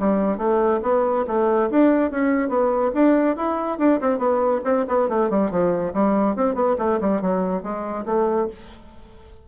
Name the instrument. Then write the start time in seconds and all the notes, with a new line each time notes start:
bassoon
0.00 G3
0.38 A3
0.83 B3
1.27 A3
1.71 D4
2.11 C#4
2.49 B3
2.95 D4
3.37 E4
3.79 D4
4.01 C4
4.19 B3
4.65 C4
4.88 B3
5.09 A3
5.31 G3
5.51 F3
5.94 G3
6.36 C4
6.55 B3
6.79 A3
7.01 G3
7.22 F#3
7.63 G#3
8.06 A3